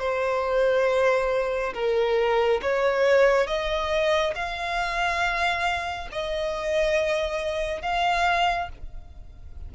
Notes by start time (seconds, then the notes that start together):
0.00 C5
1.74 A#4
2.62 C#5
3.47 D#5
4.35 F5
6.12 D#5
7.82 F5